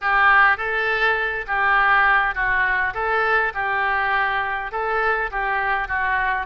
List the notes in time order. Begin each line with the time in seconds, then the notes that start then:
0.01 G4
0.57 A4
1.47 G4
2.34 F#4
2.94 A4
3.54 G4
4.71 A4
5.31 G4
5.87 F#4